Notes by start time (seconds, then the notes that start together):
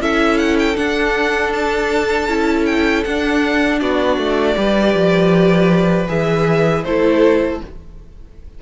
0.00 C#4 E4 A4 E5
0.38 F#5
0.59 G5
0.76 D4 F#5
1.53 A5
2.28 C#4 E4
2.66 G5
3.04 D4 F#5
3.80 B3 F#4 D5
4.18 A3
4.55 G3 G4 B4
4.94 F3
6.08 E3 G#4 E5
6.84 A3 E4 A4 C5